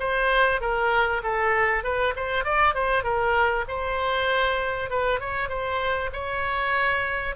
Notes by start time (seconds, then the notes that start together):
0.00 C5
0.61 A#4
1.23 A4
1.84 B4
2.16 C5
2.44 D5
2.75 C5
3.04 A#4
3.68 C5
4.90 B4
5.20 C#5
5.49 C5
6.13 C#5